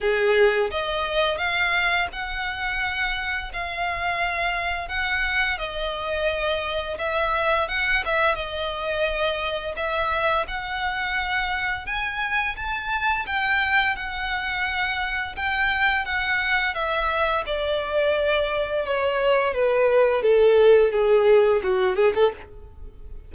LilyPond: \new Staff \with { instrumentName = "violin" } { \time 4/4 \tempo 4 = 86 gis'4 dis''4 f''4 fis''4~ | fis''4 f''2 fis''4 | dis''2 e''4 fis''8 e''8 | dis''2 e''4 fis''4~ |
fis''4 gis''4 a''4 g''4 | fis''2 g''4 fis''4 | e''4 d''2 cis''4 | b'4 a'4 gis'4 fis'8 gis'16 a'16 | }